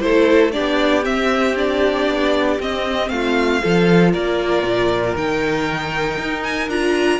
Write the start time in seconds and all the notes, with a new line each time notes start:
0.00 A3 E4 A4 C5
0.52 D4 G4 D5
0.58 B3
1.03 C4 E5
1.56 D4 D5
2.07 B3
2.59 C4 D#5
3.09 A3 F4 F5
3.62 F3 F4 A4
4.12 A#3 A#4 D5
4.63 A#2
5.15 D#3 D#4 G5
6.18 D#4
6.43 G#5
6.68 D4 F4 A#5